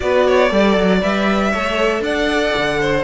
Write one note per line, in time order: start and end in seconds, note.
0.00 0.51 B3
0.00 0.49 F#4
0.00 0.26 B4
0.00 1.01 D5
0.26 0.52 C#5
0.49 0.76 G3
0.49 1.00 A4
0.49 1.50 D5
0.76 1.02 F#3
1.00 1.53 G3
1.00 1.51 B4
1.00 2.03 E5
1.50 2.01 A3
1.50 3.03 A4
1.50 2.01 C#5
2.01 2.51 D4
2.01 2.79 D5
2.01 3.03 F#5
2.56 3.03 D3
2.80 3.03 C5